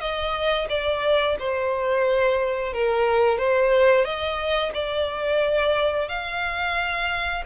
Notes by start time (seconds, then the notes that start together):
0.00 D#5
0.69 D5
1.39 C5
2.73 A#4
3.38 C5
4.04 D#5
4.74 D5
6.09 F5